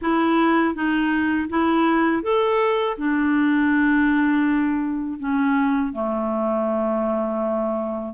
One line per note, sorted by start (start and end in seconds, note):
0.01 0.74 E4
0.74 1.48 D#4
1.48 2.23 E4
2.23 2.97 A4
2.97 5.19 D4
5.19 5.92 C#4
5.92 8.14 A3